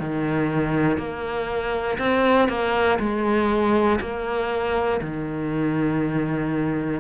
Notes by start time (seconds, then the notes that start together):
0.00 D#3
0.98 A#3
1.99 C4
2.49 A#3
3.00 G#3
4.01 A#3
5.01 D#3